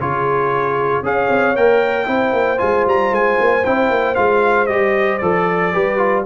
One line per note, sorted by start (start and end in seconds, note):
0.00 1.02 C#3
0.00 1.03 F4
0.00 1.04 G#4
0.00 1.05 C#5
1.02 1.28 C#4
1.02 1.55 G#4
1.02 2.08 C#5
1.02 1.56 F5
1.29 1.55 C4
1.55 2.07 A#3
1.55 2.05 A#4
1.55 2.58 G5
2.05 2.32 C4
2.05 2.57 E4
2.05 5.73 C5
2.32 2.58 A#3
2.57 2.86 G#3
2.57 3.62 F4
2.57 2.84 G#5
2.86 3.11 G3
2.86 3.14 A#5
3.11 3.37 G#3
3.11 3.65 G#5
3.39 3.65 A#3
3.65 3.90 C4
3.65 4.16 E4
3.65 4.15 G5
3.90 4.16 A#3
4.15 4.68 G#3
4.15 4.68 F4
4.15 4.66 F5
4.66 5.21 G3
4.66 5.21 G4
4.66 5.18 D#5
5.18 5.74 F3
5.18 5.73 A4
5.18 6.22 D5
5.73 6.25 G3
5.73 5.97 G4
5.73 6.25 B4
5.97 6.23 F4